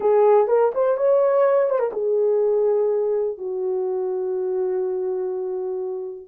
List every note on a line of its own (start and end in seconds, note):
0.00 0.47 G#4
0.47 0.71 A#4
0.74 0.97 C5
0.97 1.69 C#5
1.70 1.79 C5
1.79 1.91 A#4
1.92 3.37 G#4
3.37 6.27 F#4